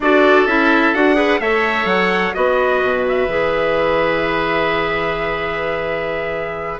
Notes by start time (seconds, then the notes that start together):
0.00 D4 F#4 A4 D5
0.46 C#4 E4 E5
0.94 D4 F#4 F#5
1.14 G#4 B4
1.40 A3 A4 C#5 E5
1.84 F#3 F#5
2.33 B3 F#4 B4 D#5
2.82 B2
3.08 E5
3.27 E3 G#4